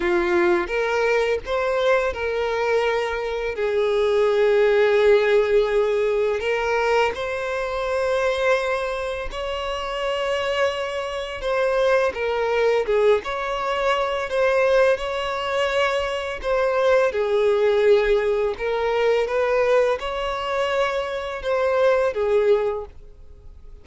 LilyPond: \new Staff \with { instrumentName = "violin" } { \time 4/4 \tempo 4 = 84 f'4 ais'4 c''4 ais'4~ | ais'4 gis'2.~ | gis'4 ais'4 c''2~ | c''4 cis''2. |
c''4 ais'4 gis'8 cis''4. | c''4 cis''2 c''4 | gis'2 ais'4 b'4 | cis''2 c''4 gis'4 | }